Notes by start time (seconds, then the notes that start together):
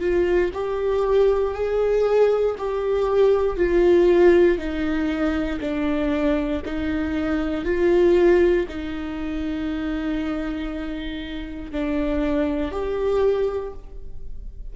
0.00 F4
0.54 G4
1.54 G#4
2.58 G4
3.57 F4
4.58 D#4
5.61 D4
6.65 D#4
7.65 F4
8.69 D#4
11.72 D4
12.72 G4